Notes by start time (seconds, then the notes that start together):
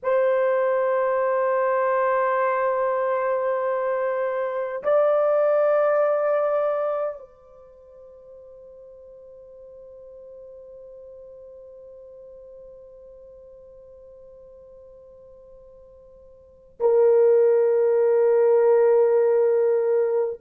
0.02 C5
4.83 D5
7.19 C5
16.80 A#4